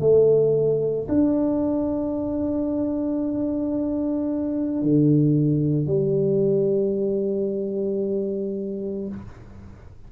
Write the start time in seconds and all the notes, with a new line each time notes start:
0.00 A3
1.08 D4
4.82 D3
5.87 G3